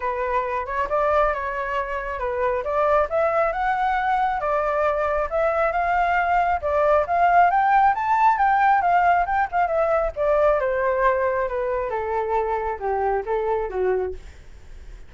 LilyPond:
\new Staff \with { instrumentName = "flute" } { \time 4/4 \tempo 4 = 136 b'4. cis''8 d''4 cis''4~ | cis''4 b'4 d''4 e''4 | fis''2 d''2 | e''4 f''2 d''4 |
f''4 g''4 a''4 g''4 | f''4 g''8 f''8 e''4 d''4 | c''2 b'4 a'4~ | a'4 g'4 a'4 fis'4 | }